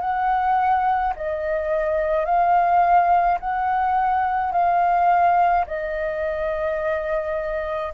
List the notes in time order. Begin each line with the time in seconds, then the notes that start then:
0.00 F#5
1.16 D#5
2.25 F5
3.40 F#5
4.51 F5
5.67 D#5